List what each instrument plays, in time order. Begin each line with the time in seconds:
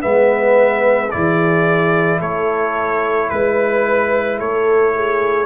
0.00 tuba G#3, trombone B3, horn B4, trumpet E5
1.11 tuba E3, trombone E4, horn G#4, trumpet D5
2.20 tuba A3, horn A4, trumpet C#5
3.30 tuba G#3, horn B4, trumpet B4
4.39 tuba A3, horn A4, trumpet C#5
4.96 horn G#4